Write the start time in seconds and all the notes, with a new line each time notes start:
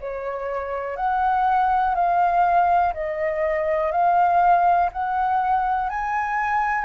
0.00 C#5
0.97 F#5
1.95 F5
2.94 D#5
3.92 F5
4.92 F#5
5.89 G#5